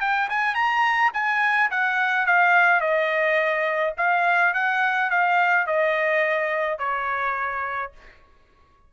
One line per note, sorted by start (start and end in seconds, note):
0.00 0.28 G5
0.29 0.55 G#5
0.55 1.11 A#5
1.13 1.70 G#5
1.70 2.26 F#5
2.26 2.80 F5
2.80 3.93 D#5
3.97 4.53 F5
4.53 5.10 F#5
5.10 5.66 F5
5.66 6.78 D#5
6.78 7.91 C#5